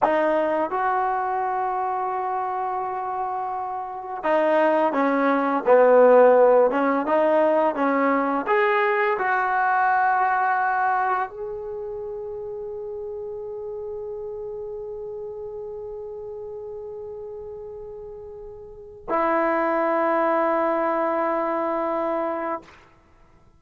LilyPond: \new Staff \with { instrumentName = "trombone" } { \time 4/4 \tempo 4 = 85 dis'4 fis'2.~ | fis'2 dis'4 cis'4 | b4. cis'8 dis'4 cis'4 | gis'4 fis'2. |
gis'1~ | gis'1~ | gis'2. e'4~ | e'1 | }